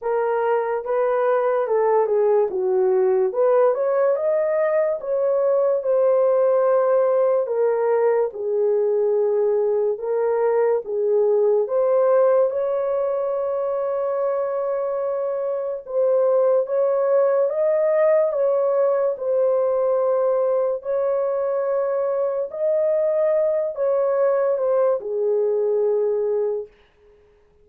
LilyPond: \new Staff \with { instrumentName = "horn" } { \time 4/4 \tempo 4 = 72 ais'4 b'4 a'8 gis'8 fis'4 | b'8 cis''8 dis''4 cis''4 c''4~ | c''4 ais'4 gis'2 | ais'4 gis'4 c''4 cis''4~ |
cis''2. c''4 | cis''4 dis''4 cis''4 c''4~ | c''4 cis''2 dis''4~ | dis''8 cis''4 c''8 gis'2 | }